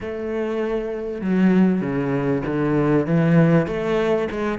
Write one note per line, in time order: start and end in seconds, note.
0.01 1.21 A3
1.21 1.81 F#3
1.81 2.42 C#3
2.46 3.06 D3
3.06 3.67 E3
3.67 4.28 A3
4.31 4.58 G#3